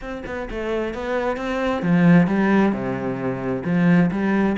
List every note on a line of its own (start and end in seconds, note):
0.01 0.23 C4
0.25 0.48 B3
0.50 0.94 A3
0.94 1.37 B3
1.37 1.82 C4
1.82 2.27 F3
2.27 2.72 G3
2.72 3.63 C3
3.65 4.10 F3
4.11 4.56 G3